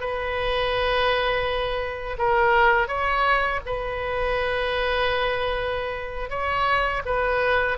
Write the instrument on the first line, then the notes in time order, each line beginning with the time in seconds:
oboe
0.00 B4
2.18 A#4
2.88 C#5
3.66 B4
6.30 C#5
7.05 B4